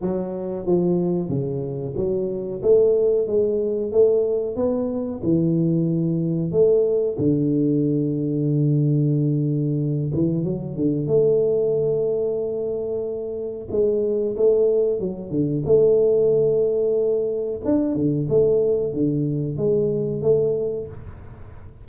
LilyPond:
\new Staff \with { instrumentName = "tuba" } { \time 4/4 \tempo 4 = 92 fis4 f4 cis4 fis4 | a4 gis4 a4 b4 | e2 a4 d4~ | d2.~ d8 e8 |
fis8 d8 a2.~ | a4 gis4 a4 fis8 d8 | a2. d'8 d8 | a4 d4 gis4 a4 | }